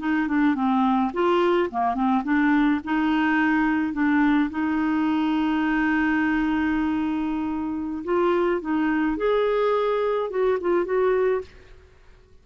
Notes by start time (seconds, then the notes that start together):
0.00 D#4
0.28 D4
0.56 C4
1.14 F4
1.71 A#3
1.95 C4
2.24 D4
2.85 D#4
3.94 D4
4.51 D#4
8.05 F4
8.61 D#4
9.17 G#4
10.30 F#4
10.61 F4
10.86 F#4